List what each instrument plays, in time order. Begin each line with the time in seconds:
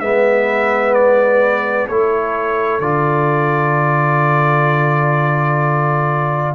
0.00 tuba G#3, trombone B3, horn B4, trumpet E5
0.94 trumpet D5
1.88 tuba A3, trombone E4, horn A4, trumpet C#5
2.80 tuba D3, trombone F4, trumpet D5